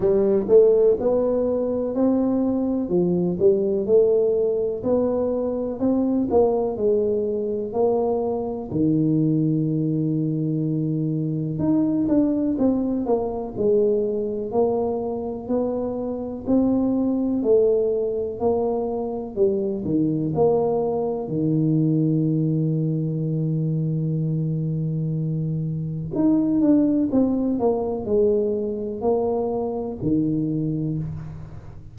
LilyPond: \new Staff \with { instrumentName = "tuba" } { \time 4/4 \tempo 4 = 62 g8 a8 b4 c'4 f8 g8 | a4 b4 c'8 ais8 gis4 | ais4 dis2. | dis'8 d'8 c'8 ais8 gis4 ais4 |
b4 c'4 a4 ais4 | g8 dis8 ais4 dis2~ | dis2. dis'8 d'8 | c'8 ais8 gis4 ais4 dis4 | }